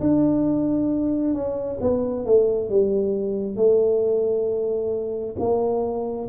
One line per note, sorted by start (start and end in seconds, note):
0.00 1.34 D4
1.34 1.78 C#4
1.80 2.25 B3
2.25 2.69 A3
2.69 3.56 G3
3.56 5.35 A3
5.39 6.28 A#3